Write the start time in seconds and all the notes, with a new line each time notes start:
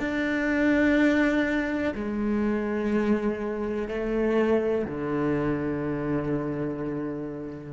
0.00 D4
1.95 G#3
3.88 A3
4.85 D3